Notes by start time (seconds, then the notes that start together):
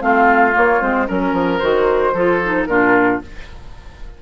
0.00 A3 C4 F4 F5
0.52 A#3 C#5
0.80 G#3 C4 C5
1.07 F#3 C#4 A#4
1.33 F3
1.59 D#3 F#4 C5
2.13 F3 F4 A4
2.44 D#4
2.65 A#2 D4 F4 A#4